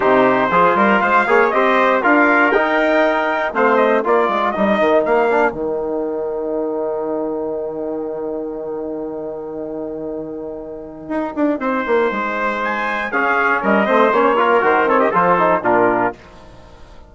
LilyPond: <<
  \new Staff \with { instrumentName = "trumpet" } { \time 4/4 \tempo 4 = 119 c''2 f''4 dis''4 | f''4 g''2 f''8 dis''8 | d''4 dis''4 f''4 g''4~ | g''1~ |
g''1~ | g''1~ | g''4 gis''4 f''4 dis''4 | cis''4 c''8 cis''16 dis''16 c''4 ais'4 | }
  \new Staff \with { instrumentName = "trumpet" } { \time 4/4 g'4 gis'8 ais'8 c''8 cis''8 c''4 | ais'2. c''4 | ais'1~ | ais'1~ |
ais'1~ | ais'2. c''4~ | c''2 gis'4 ais'8 c''8~ | c''8 ais'4 a'16 g'16 a'4 f'4 | }
  \new Staff \with { instrumentName = "trombone" } { \time 4/4 dis'4 f'4. gis'8 g'4 | f'4 dis'2 c'4 | f'4 dis'4. d'8 dis'4~ | dis'1~ |
dis'1~ | dis'1~ | dis'2 cis'4. c'8 | cis'8 f'8 fis'8 c'8 f'8 dis'8 d'4 | }
  \new Staff \with { instrumentName = "bassoon" } { \time 4/4 c4 f8 g8 gis8 ais8 c'4 | d'4 dis'2 a4 | ais8 gis8 g8 dis8 ais4 dis4~ | dis1~ |
dis1~ | dis2 dis'8 d'8 c'8 ais8 | gis2 cis'4 g8 a8 | ais4 dis4 f4 ais,4 | }
>>